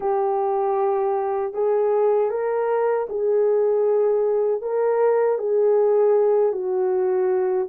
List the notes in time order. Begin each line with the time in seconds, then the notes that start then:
0.00 G4
1.53 G#4
2.30 A#4
3.09 G#4
4.61 A#4
5.38 G#4
6.52 F#4